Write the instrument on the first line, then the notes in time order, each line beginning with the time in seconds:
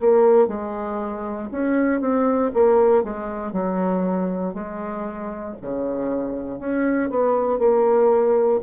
bassoon
0.00 A#3
0.47 G#3
1.51 C#4
2.01 C4
2.54 A#3
3.03 G#3
3.52 F#3
4.54 G#3
5.62 C#3
6.59 C#4
7.10 B3
7.58 A#3